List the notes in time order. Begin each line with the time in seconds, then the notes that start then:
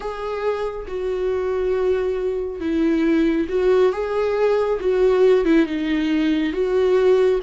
0.00 G#4
0.87 F#4
2.60 E4
3.49 F#4
3.92 G#4
4.79 F#4
5.44 E4
5.66 D#4
6.53 F#4